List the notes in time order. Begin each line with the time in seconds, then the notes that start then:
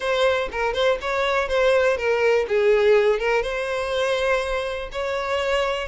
0.00 C5
0.51 A#4
0.73 C5
1.01 C#5
1.48 C5
1.97 A#4
2.47 G#4
3.19 A#4
3.42 C5
4.92 C#5